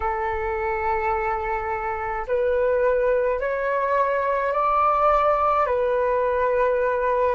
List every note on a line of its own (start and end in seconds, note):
0.00 2.26 A4
2.26 3.40 B4
3.40 4.53 C#5
4.53 5.66 D5
5.66 7.35 B4